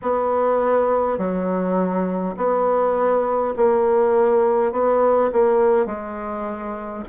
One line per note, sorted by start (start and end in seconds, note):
0.02 1.18 B3
1.18 2.35 F#3
2.36 3.54 B3
3.56 4.72 A#3
4.72 5.30 B3
5.32 5.86 A#3
5.86 7.03 G#3